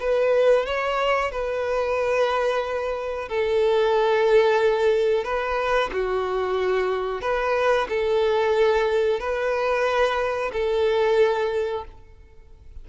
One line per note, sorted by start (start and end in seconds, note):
0.00 0.66 B4
0.66 1.32 C#5
1.32 3.29 B4
3.29 5.24 A4
5.24 5.90 B4
5.93 7.22 F#4
7.22 7.88 B4
7.89 9.20 A4
9.20 10.52 B4
10.53 11.85 A4